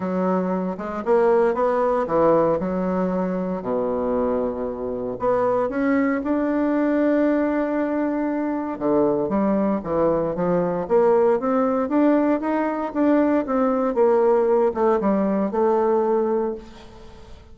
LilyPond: \new Staff \with { instrumentName = "bassoon" } { \time 4/4 \tempo 4 = 116 fis4. gis8 ais4 b4 | e4 fis2 b,4~ | b,2 b4 cis'4 | d'1~ |
d'4 d4 g4 e4 | f4 ais4 c'4 d'4 | dis'4 d'4 c'4 ais4~ | ais8 a8 g4 a2 | }